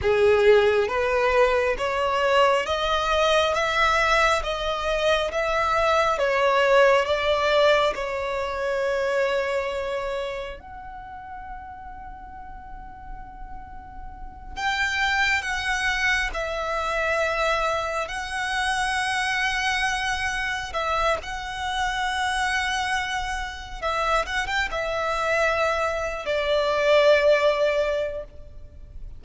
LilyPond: \new Staff \with { instrumentName = "violin" } { \time 4/4 \tempo 4 = 68 gis'4 b'4 cis''4 dis''4 | e''4 dis''4 e''4 cis''4 | d''4 cis''2. | fis''1~ |
fis''8 g''4 fis''4 e''4.~ | e''8 fis''2. e''8 | fis''2. e''8 fis''16 g''16 | e''4.~ e''16 d''2~ d''16 | }